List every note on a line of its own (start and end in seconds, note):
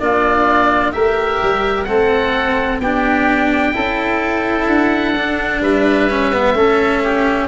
0.00 0.95 A#3
0.00 0.93 D4
0.00 0.94 F4
0.00 0.92 D5
0.92 1.42 A3
0.92 1.87 G4
0.92 1.88 A#4
0.92 1.85 E5
1.43 1.88 G3
1.85 2.80 A3
1.85 2.81 C4
1.85 2.82 A4
1.85 2.78 F#5
2.80 3.74 B3
2.80 3.73 D4
2.80 3.75 G4
2.80 4.68 G5
3.73 4.67 C#4
3.73 5.14 E4
3.73 5.62 A4
4.67 5.61 D4
4.67 5.62 F#5
5.17 6.11 D4
5.61 6.53 G3
5.61 6.56 B4
5.61 7.49 E5
6.11 6.33 C#4
6.33 6.55 B3
6.53 7.47 A3
6.53 7.49 C#4
6.53 7.03 A4
7.04 7.49 G4